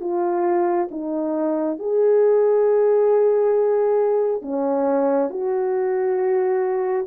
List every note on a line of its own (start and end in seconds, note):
0.00 0.88 F4
0.91 1.78 D#4
1.78 4.42 G#4
4.42 5.29 C#4
5.29 7.06 F#4